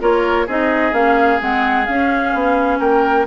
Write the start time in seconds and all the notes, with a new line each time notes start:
0.00 A#3 F4 A#4 C#5
0.46 C4 D#4 G#4 D#5
0.92 A#3 C#4 F5
1.39 G#3 C4 F#5
1.85 C#4 F5
2.34 B3
2.79 A#3 A#4 G5